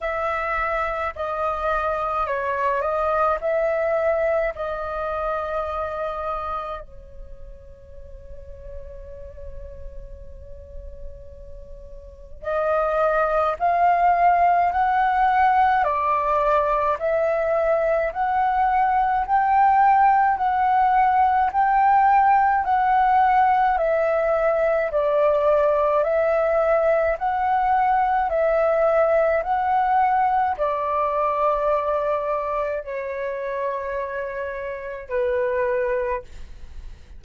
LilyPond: \new Staff \with { instrumentName = "flute" } { \time 4/4 \tempo 4 = 53 e''4 dis''4 cis''8 dis''8 e''4 | dis''2 cis''2~ | cis''2. dis''4 | f''4 fis''4 d''4 e''4 |
fis''4 g''4 fis''4 g''4 | fis''4 e''4 d''4 e''4 | fis''4 e''4 fis''4 d''4~ | d''4 cis''2 b'4 | }